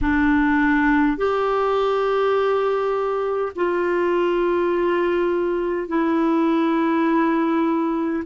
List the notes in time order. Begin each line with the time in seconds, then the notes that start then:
0.01 D4
1.17 G4
3.56 F4
5.88 E4